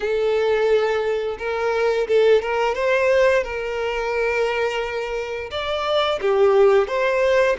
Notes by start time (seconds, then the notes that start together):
0.00 A4
1.38 A#4
2.07 A4
2.41 A#4
2.75 C5
3.43 A#4
5.50 D5
6.21 G4
6.87 C5